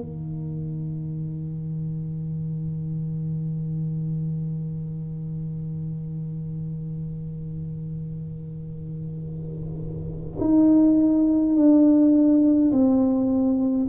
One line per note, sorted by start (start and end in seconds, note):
0.00 10.38 D#3
10.40 11.55 D#4
11.55 12.71 D4
12.71 13.87 C4